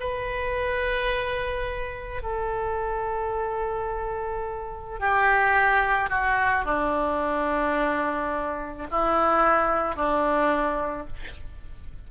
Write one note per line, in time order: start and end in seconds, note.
0.00 2.22 B4
2.22 4.99 A4
4.99 6.10 G4
6.10 6.65 F#4
6.65 8.87 D4
8.91 9.96 E4
9.96 11.07 D4